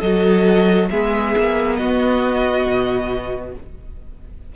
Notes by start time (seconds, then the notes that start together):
0.00 F#3 F#4 A4 D#5
0.90 G#3 B3 G#4 E5
1.37 A#3
1.76 B3 F#4 D#5
2.66 B2